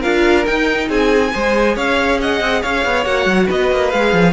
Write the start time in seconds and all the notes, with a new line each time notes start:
0.00 D4 F4 A#4 F5
0.45 D#4 G5
0.89 C4 G#4 G#5
1.33 G#3 G#4 C5
1.75 C#4 C#5 F5
2.21 D#5 F#5
2.41 C4
2.62 C#4 C#5 F5
2.85 B3
3.05 A#3 F#4 F#5
3.26 F#3
3.47 B3 B4 D#5
3.71 A#3
3.90 G#3 G#4 F5
4.13 F3